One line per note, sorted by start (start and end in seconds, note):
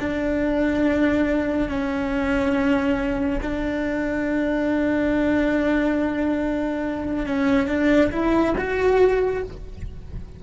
0.00 1.69 D4
1.69 3.40 C#4
3.42 7.27 D4
7.27 7.68 C#4
7.68 8.11 D4
8.12 8.55 E4
8.58 9.44 F#4